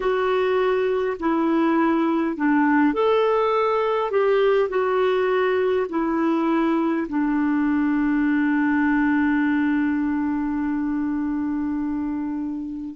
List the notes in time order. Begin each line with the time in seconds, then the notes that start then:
0.00 F#4
1.19 E4
2.36 D4
2.93 A4
4.10 G4
4.69 F#4
5.89 E4
7.08 D4